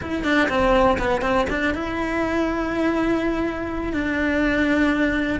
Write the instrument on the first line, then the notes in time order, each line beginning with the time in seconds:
cello
0.01 E4
0.23 D4
0.49 C4
0.98 B3
1.21 C4
1.49 D4
1.74 E4
3.92 D4